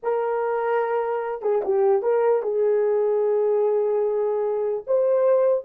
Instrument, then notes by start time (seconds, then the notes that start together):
horn
0.02 A#4
1.41 G#4
1.64 G4
2.02 A#4
2.42 G#4
4.86 C5